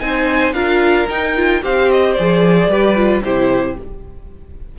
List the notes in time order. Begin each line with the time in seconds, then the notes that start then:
0.00 C4 D#4 C5 G#5
0.53 D4 F4 A#4 F5
1.09 D#4 G5
1.36 F4
1.62 C4 G4 C5 F5
1.92 D#5
2.14 F3 G#4 D5
2.68 G3 G4 B4
2.97 F4
3.24 C3 E4 G4 C5